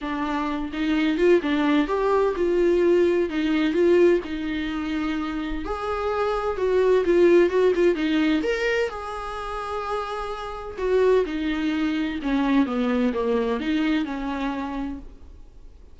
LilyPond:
\new Staff \with { instrumentName = "viola" } { \time 4/4 \tempo 4 = 128 d'4. dis'4 f'8 d'4 | g'4 f'2 dis'4 | f'4 dis'2. | gis'2 fis'4 f'4 |
fis'8 f'8 dis'4 ais'4 gis'4~ | gis'2. fis'4 | dis'2 cis'4 b4 | ais4 dis'4 cis'2 | }